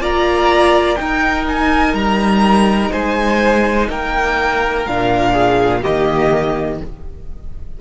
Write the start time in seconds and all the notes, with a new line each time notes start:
0.00 A#3 F4 D5 A#5
0.96 D#4 A#4 G5
1.48 G#5
1.93 G3 A#5
2.91 G#3 C5 G#5
3.89 A#3 A#4 G5
4.86 A#2 D4 F5
5.32 G#4
5.81 D#3 A#3 G4 D#5